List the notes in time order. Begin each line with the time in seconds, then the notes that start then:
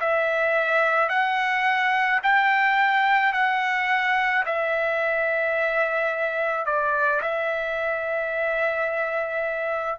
0.00 E5
1.09 F#5
2.23 G5
3.33 F#5
4.46 E5
6.66 D5
7.21 E5